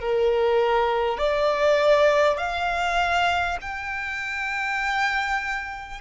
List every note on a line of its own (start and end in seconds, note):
0.00 1.18 A#4
1.18 2.38 D5
2.38 3.58 F5
3.61 6.01 G5